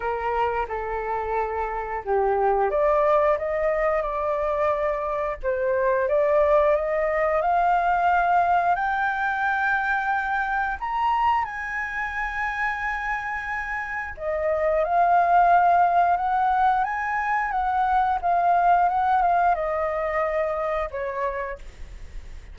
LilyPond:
\new Staff \with { instrumentName = "flute" } { \time 4/4 \tempo 4 = 89 ais'4 a'2 g'4 | d''4 dis''4 d''2 | c''4 d''4 dis''4 f''4~ | f''4 g''2. |
ais''4 gis''2.~ | gis''4 dis''4 f''2 | fis''4 gis''4 fis''4 f''4 | fis''8 f''8 dis''2 cis''4 | }